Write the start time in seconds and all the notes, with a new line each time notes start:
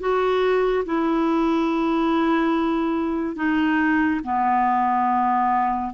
0.00 F#4
0.86 E4
3.36 D#4
4.24 B3